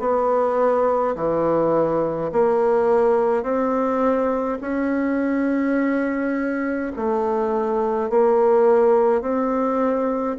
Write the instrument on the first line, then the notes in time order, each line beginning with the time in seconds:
bassoon
0.00 B3
1.16 E3
2.33 A#3
3.44 C4
4.62 C#4
6.97 A3
8.10 A#3
9.22 C4